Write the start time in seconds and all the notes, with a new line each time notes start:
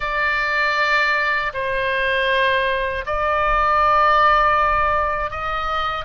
0.00 D5
1.53 C5
3.06 D5
5.31 D#5